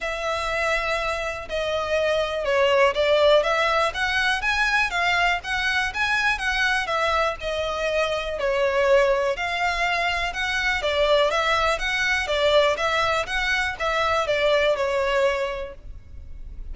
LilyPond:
\new Staff \with { instrumentName = "violin" } { \time 4/4 \tempo 4 = 122 e''2. dis''4~ | dis''4 cis''4 d''4 e''4 | fis''4 gis''4 f''4 fis''4 | gis''4 fis''4 e''4 dis''4~ |
dis''4 cis''2 f''4~ | f''4 fis''4 d''4 e''4 | fis''4 d''4 e''4 fis''4 | e''4 d''4 cis''2 | }